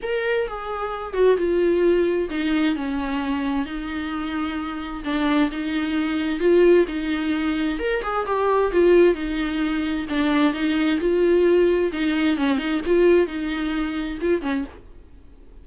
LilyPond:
\new Staff \with { instrumentName = "viola" } { \time 4/4 \tempo 4 = 131 ais'4 gis'4. fis'8 f'4~ | f'4 dis'4 cis'2 | dis'2. d'4 | dis'2 f'4 dis'4~ |
dis'4 ais'8 gis'8 g'4 f'4 | dis'2 d'4 dis'4 | f'2 dis'4 cis'8 dis'8 | f'4 dis'2 f'8 cis'8 | }